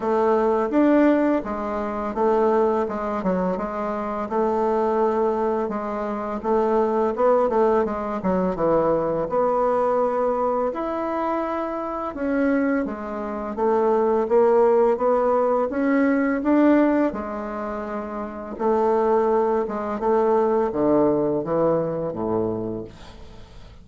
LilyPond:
\new Staff \with { instrumentName = "bassoon" } { \time 4/4 \tempo 4 = 84 a4 d'4 gis4 a4 | gis8 fis8 gis4 a2 | gis4 a4 b8 a8 gis8 fis8 | e4 b2 e'4~ |
e'4 cis'4 gis4 a4 | ais4 b4 cis'4 d'4 | gis2 a4. gis8 | a4 d4 e4 a,4 | }